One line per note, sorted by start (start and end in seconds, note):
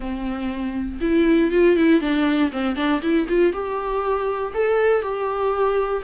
0.00 0.99 C4
1.00 1.51 E4
1.51 1.76 F4
1.76 2.00 E4
2.00 2.51 D4
2.52 2.76 C4
2.76 3.01 D4
3.01 3.27 E4
3.28 3.52 F4
3.52 4.53 G4
4.54 5.02 A4
5.02 6.03 G4